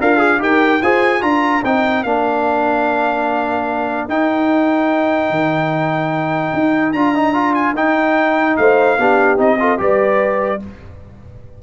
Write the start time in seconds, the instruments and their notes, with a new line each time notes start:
0.00 tuba D4, horn F4, trombone A#4, trumpet F5
0.17 trombone G#4
0.39 tuba D#4, trombone G4, horn A#4, trumpet G5
0.82 tuba F4, trombone G#4, horn C5, trumpet G#5
1.21 tuba D4, trombone F4, horn A#4, trumpet A#5
1.63 tuba C4, trombone D#4, trumpet G5
2.03 tuba A#3, trombone D4, trumpet F5
4.08 tuba D#4, trombone D#4, trumpet G5
5.29 tuba D#3
6.53 tuba D#4
6.92 tuba D4, trombone F4, trumpet A#5
7.15 trombone D#4
7.34 trombone F4
7.54 trumpet G#5
7.74 tuba D#4, trombone D#4, trumpet G5
8.56 tuba A3, horn C5, trumpet F5
8.98 tuba B3, trombone D4, horn G4
9.37 tuba C4, trombone D#4, trumpet D#5
9.59 trombone F4, horn A4
9.78 tuba G3, trombone G4, horn B4, trumpet D5